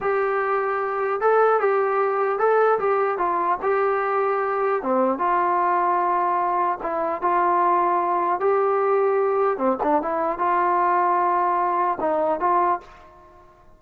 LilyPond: \new Staff \with { instrumentName = "trombone" } { \time 4/4 \tempo 4 = 150 g'2. a'4 | g'2 a'4 g'4 | f'4 g'2. | c'4 f'2.~ |
f'4 e'4 f'2~ | f'4 g'2. | c'8 d'8 e'4 f'2~ | f'2 dis'4 f'4 | }